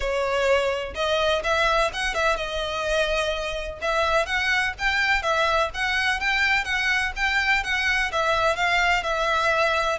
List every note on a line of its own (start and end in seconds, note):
0.00 0.94 C#5
0.94 1.42 D#5
1.43 1.91 E5
1.93 2.14 F#5
2.14 2.36 E5
2.36 3.79 D#5
3.81 4.26 E5
4.26 4.73 F#5
4.78 5.22 G5
5.22 5.70 E5
5.74 6.20 F#5
6.20 6.64 G5
6.64 7.12 F#5
7.16 7.63 G5
7.63 8.11 F#5
8.11 8.56 E5
8.56 9.03 F5
9.03 9.98 E5